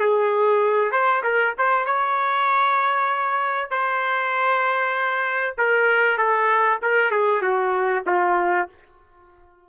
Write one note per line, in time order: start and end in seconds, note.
0.00 0.92 G#4
0.92 1.23 C5
1.24 1.55 A#4
1.58 1.86 C5
1.86 3.71 C#5
3.71 5.56 C5
5.58 6.18 A#4
6.18 6.80 A4
6.82 7.11 A#4
7.11 7.42 G#4
7.42 8.04 F#4
8.07 8.69 F4